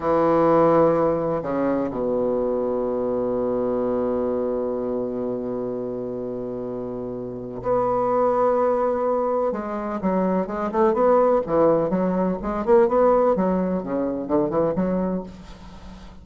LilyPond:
\new Staff \with { instrumentName = "bassoon" } { \time 4/4 \tempo 4 = 126 e2. cis4 | b,1~ | b,1~ | b,1 |
b1 | gis4 fis4 gis8 a8 b4 | e4 fis4 gis8 ais8 b4 | fis4 cis4 d8 e8 fis4 | }